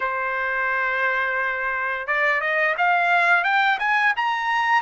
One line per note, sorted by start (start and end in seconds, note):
0.00 2.07 C5
2.07 2.40 D5
2.40 2.75 D#5
2.77 3.44 F5
3.44 3.78 G5
3.79 4.13 G#5
4.16 4.81 A#5